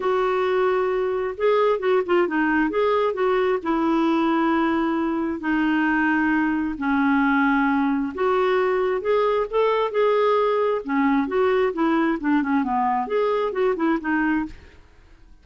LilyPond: \new Staff \with { instrumentName = "clarinet" } { \time 4/4 \tempo 4 = 133 fis'2. gis'4 | fis'8 f'8 dis'4 gis'4 fis'4 | e'1 | dis'2. cis'4~ |
cis'2 fis'2 | gis'4 a'4 gis'2 | cis'4 fis'4 e'4 d'8 cis'8 | b4 gis'4 fis'8 e'8 dis'4 | }